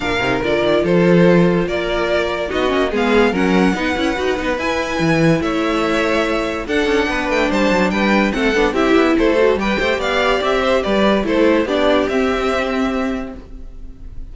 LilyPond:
<<
  \new Staff \with { instrumentName = "violin" } { \time 4/4 \tempo 4 = 144 f''4 d''4 c''2 | d''2 dis''4 f''4 | fis''2. gis''4~ | gis''4 e''2. |
fis''4. g''8 a''4 g''4 | fis''4 e''4 c''4 g''4 | f''4 e''4 d''4 c''4 | d''4 e''2. | }
  \new Staff \with { instrumentName = "violin" } { \time 4/4 ais'2 a'2 | ais'2 fis'4 gis'4 | ais'4 b'2.~ | b'4 cis''2. |
a'4 b'4 c''4 b'4 | a'4 g'4 a'4 b'8 c''8 | d''4. c''8 b'4 a'4 | g'1 | }
  \new Staff \with { instrumentName = "viola" } { \time 4/4 d'8 dis'8 f'2.~ | f'2 dis'8 cis'8 b4 | cis'4 dis'8 e'8 fis'8 dis'8 e'4~ | e'1 |
d'1 | c'8 d'8 e'4. fis'8 g'4~ | g'2. e'4 | d'4 c'2. | }
  \new Staff \with { instrumentName = "cello" } { \time 4/4 ais,8 c8 d8 dis8 f2 | ais2 b8 ais8 gis4 | fis4 b8 cis'8 dis'8 b8 e'4 | e4 a2. |
d'8 cis'8 b8 a8 g8 fis8 g4 | a8 b8 c'8 b8 a4 g8 a8 | b4 c'4 g4 a4 | b4 c'2. | }
>>